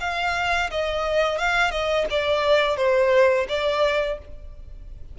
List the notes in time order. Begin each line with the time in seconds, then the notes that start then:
0.00 F5
0.70 D#5
1.38 F5
1.71 D#5
2.10 D5
2.77 C5
3.48 D5